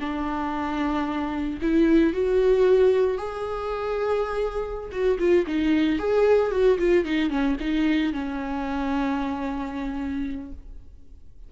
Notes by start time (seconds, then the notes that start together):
0.00 D4
1.62 E4
2.13 F#4
3.17 G#4
4.91 F#4
5.19 F4
5.47 D#4
5.99 G#4
6.51 F#4
6.78 F4
7.05 D#4
7.30 C#4
7.60 D#4
8.13 C#4